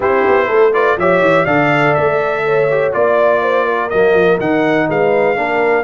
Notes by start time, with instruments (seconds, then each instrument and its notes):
0.00 tuba C4, trombone E4, horn G4, trumpet C5
0.27 tuba B3
0.47 tuba A3, horn A4
0.73 trombone F4, horn B4, trumpet D5
0.97 tuba F3, trombone G4, horn C#5, trumpet E5
1.20 tuba E3
1.45 tuba D3, trombone A4, horn D5, trumpet F5
1.94 tuba A3, trumpet E5
2.45 horn C#5
2.70 trombone G4
2.92 tuba A#3, trombone F4, trumpet D5, horn D5
3.42 horn C5
3.64 horn A#4
3.89 tuba F#3, trombone A#3, trumpet D#5
4.14 tuba F3
4.38 tuba D#3, trombone D#4, trumpet F#5
4.88 tuba G#3, horn B4, trumpet F5
5.35 tuba A#3, trombone D4, horn A#4